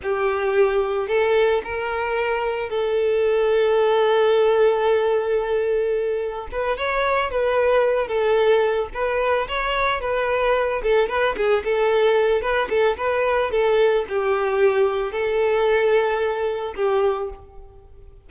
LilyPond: \new Staff \with { instrumentName = "violin" } { \time 4/4 \tempo 4 = 111 g'2 a'4 ais'4~ | ais'4 a'2.~ | a'1 | b'8 cis''4 b'4. a'4~ |
a'8 b'4 cis''4 b'4. | a'8 b'8 gis'8 a'4. b'8 a'8 | b'4 a'4 g'2 | a'2. g'4 | }